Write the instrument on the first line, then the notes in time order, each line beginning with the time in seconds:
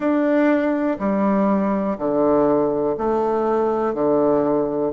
bassoon
0.00 D4
0.99 G3
1.98 D3
2.97 A3
3.93 D3